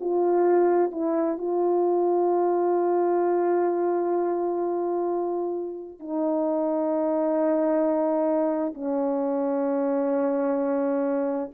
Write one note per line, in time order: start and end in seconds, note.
0.00 0.91 F4
0.91 1.38 E4
1.38 5.99 F4
5.99 8.74 D#4
8.74 11.50 C#4